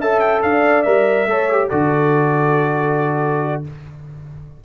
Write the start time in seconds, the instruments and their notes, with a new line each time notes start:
0.00 tuba C#4, trombone A4, horn E5, trumpet A5
0.20 trumpet G5
0.42 tuba D4, horn D5, trumpet F5
0.83 tuba G3, trombone A#4, trumpet E5
1.26 tuba A3, trombone A4, horn C#5
1.51 trombone G4
1.69 tuba D3, trombone F#4, horn A4, trumpet D5